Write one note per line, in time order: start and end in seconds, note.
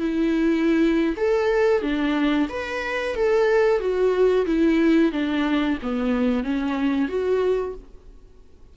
0.00 1.15 E4
1.17 1.82 A4
1.82 2.48 D4
2.49 3.15 B4
3.15 3.80 A4
3.80 4.46 F#4
4.46 5.12 E4
5.12 5.78 D4
5.83 6.44 B3
6.44 7.08 C#4
7.08 7.74 F#4